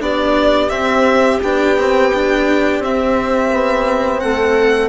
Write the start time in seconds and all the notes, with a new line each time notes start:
0.00 B3 D4 G4 D5
0.70 C4 E5
1.43 B3 D4 G5
1.78 C4
2.14 D4
2.79 C4 E5
3.53 B3
4.20 A3 A4 F#5